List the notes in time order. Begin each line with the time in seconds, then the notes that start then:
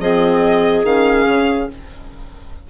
0.00 F3 C4 G#4 D#5
0.84 D#3 C#4 F5
1.27 C#3